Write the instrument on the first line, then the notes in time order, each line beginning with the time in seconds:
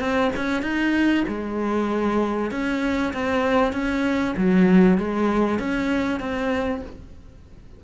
cello
0.00 C4
0.36 C#4
0.62 D#4
1.28 G#3
2.51 C#4
3.13 C4
3.73 C#4
4.37 F#3
4.98 G#3
5.59 C#4
6.20 C4